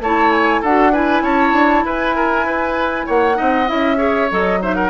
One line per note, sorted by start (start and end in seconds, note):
0.00 0.61 A3
0.00 0.66 E4
0.00 0.61 C#5
0.00 0.32 A5
0.32 0.62 G#5
0.61 1.22 D4
0.61 0.93 F#4
0.61 0.92 A4
0.61 0.94 F#5
0.92 3.35 E4
0.92 1.23 B4
0.92 1.24 G#5
1.22 1.53 C#4
1.22 1.84 C#5
1.22 1.86 A5
1.53 1.84 D4
1.84 3.07 E4
1.84 2.16 B4
1.84 3.08 G#5
2.16 2.46 A#4
2.46 3.06 B4
3.06 3.39 A#3
3.06 3.37 C#5
3.06 3.68 F#5
3.35 3.70 C4
3.35 3.65 D#4
3.35 3.98 D#5
3.67 4.31 C#4
3.67 3.97 E4
3.67 4.30 E5
3.97 4.28 G#4
3.97 4.59 C#5
4.31 4.90 F#3
4.31 4.61 A4
4.31 4.62 D#5
4.62 4.90 D#4
4.62 4.75 C5
4.62 4.75 E5
4.75 4.90 A#4
4.75 4.90 F#5